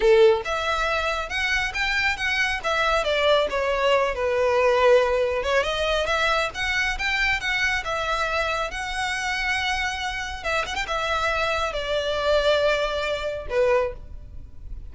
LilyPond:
\new Staff \with { instrumentName = "violin" } { \time 4/4 \tempo 4 = 138 a'4 e''2 fis''4 | g''4 fis''4 e''4 d''4 | cis''4. b'2~ b'8~ | b'8 cis''8 dis''4 e''4 fis''4 |
g''4 fis''4 e''2 | fis''1 | e''8 fis''16 g''16 e''2 d''4~ | d''2. b'4 | }